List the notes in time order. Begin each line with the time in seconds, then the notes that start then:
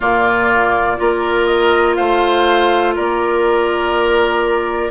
0.00 A#2 A#3 F4 D5
0.97 A#3 F4 A#4
1.45 D#5
1.95 A3 C5 F5
2.95 A#3 A#4 D5